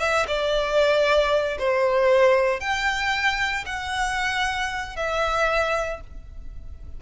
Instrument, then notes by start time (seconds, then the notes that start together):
violin
0.00 E5
0.27 D5
1.58 C5
2.60 G5
3.66 F#5
4.96 E5